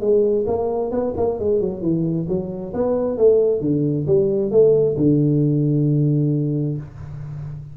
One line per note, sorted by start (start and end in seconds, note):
0.00 0.45 G#3
0.46 0.91 A#3
0.91 1.13 B3
1.16 1.39 A#3
1.39 1.60 G#3
1.60 1.81 F#3
1.81 2.27 E3
2.28 2.73 F#3
2.73 3.17 B3
3.17 3.60 A3
3.60 4.06 D3
4.07 4.51 G3
4.51 4.96 A3
4.97 6.77 D3